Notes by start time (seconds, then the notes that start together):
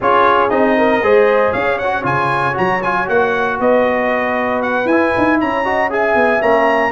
0.00 C#4 F4 G#4 C#5
0.49 C4 D#4 D#5
0.77 A#4
1.02 G#3 G#4 C5
1.52 C#4 C#5 F5
1.78 F#4 F#5
2.03 C#3 F4 G#5
2.53 F#3 F#4 A#5
2.82 F4 G#5
3.06 A#3 F#4 F#5
3.59 B3 B4 D#5
4.62 F#5
4.85 E4 G#5
5.17 D#4
5.40 C#4 C#5 A#5
5.64 F#4 D#5
5.90 G#4 E5 G#5
6.15 B3
6.40 A#3 C#4 A#5